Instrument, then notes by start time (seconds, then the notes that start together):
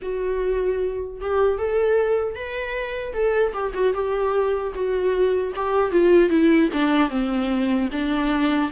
viola
0.01 F#4
1.20 G4
1.58 A4
2.35 B4
3.13 A4
3.53 G4
3.74 F#4
3.93 G4
4.74 F#4
5.55 G4
5.91 F4
6.29 E4
6.72 D4
7.09 C4
7.92 D4